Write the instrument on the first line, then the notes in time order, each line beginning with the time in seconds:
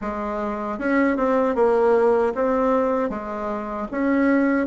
bassoon
0.01 G#3
0.78 C#4
1.16 C4
1.55 A#3
2.34 C4
3.09 G#3
3.91 C#4